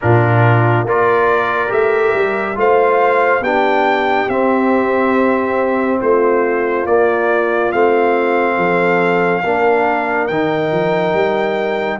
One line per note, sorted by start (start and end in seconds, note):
0.01 0.84 A#2
0.01 0.87 D4
0.01 0.85 F4
0.01 0.86 A#4
0.84 1.70 A#3
0.84 1.67 F4
0.84 2.57 A#4
0.84 1.71 D5
1.67 2.14 A3
1.67 2.53 G4
1.67 2.57 E5
2.14 2.56 G3
2.55 3.40 A3
2.55 3.40 F4
2.55 3.41 C5
2.55 3.43 F5
3.40 4.26 B3
3.40 4.29 D4
3.40 5.99 G4
3.40 4.29 G5
4.28 5.99 C4
4.28 6.86 C4
4.28 6.00 E5
5.99 6.85 A3
5.99 8.56 F4
5.99 6.86 C5
6.85 7.71 A#3
6.85 7.72 D5
7.71 8.57 A3
7.71 9.43 C4
7.71 10.27 F5
8.57 9.42 F3
8.57 9.42 A4
9.43 10.29 A#3
9.43 10.29 D4
9.43 11.99 A#4
10.27 10.71 D#3
10.27 11.99 D#4
10.27 11.98 G5
10.71 11.13 F3
11.13 11.98 G3